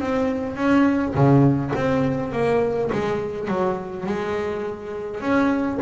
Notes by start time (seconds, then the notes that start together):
0.00 C4
0.56 C#4
1.15 C#3
1.76 C4
2.32 A#3
2.93 G#3
3.48 F#3
4.07 G#3
5.21 C#4